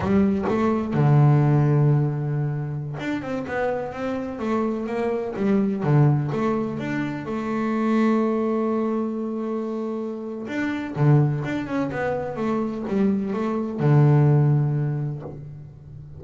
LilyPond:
\new Staff \with { instrumentName = "double bass" } { \time 4/4 \tempo 4 = 126 g4 a4 d2~ | d2~ d16 d'8 c'8 b8.~ | b16 c'4 a4 ais4 g8.~ | g16 d4 a4 d'4 a8.~ |
a1~ | a2 d'4 d4 | d'8 cis'8 b4 a4 g4 | a4 d2. | }